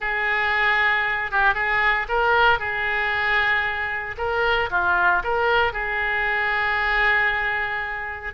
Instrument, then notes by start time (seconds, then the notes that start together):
oboe
0.00 G#4
1.31 G4
1.54 G#4
2.08 A#4
2.59 G#4
4.17 A#4
4.70 F4
5.23 A#4
5.72 G#4